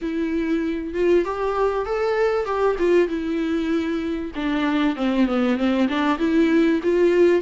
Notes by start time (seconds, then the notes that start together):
0.01 E4
0.94 F4
1.24 G4
1.85 A4
2.45 G4
2.78 F4
3.08 E4
4.35 D4
4.96 C4
5.26 B3
5.57 C4
5.88 D4
6.18 E4
6.83 F4